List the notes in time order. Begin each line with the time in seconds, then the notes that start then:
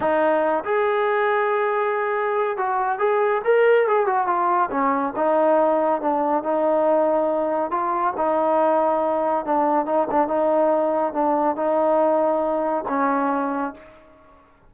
0.00 D#4
0.64 G#4
2.57 F#4
2.99 G#4
3.44 A#4
3.87 G#4
4.06 F#4
4.26 F4
4.70 C#4
5.15 D#4
6.01 D4
6.43 D#4
7.70 F4
8.16 D#4
9.45 D4
9.85 D#4
10.10 D4
10.27 D#4
11.13 D4
11.55 D#4
12.88 C#4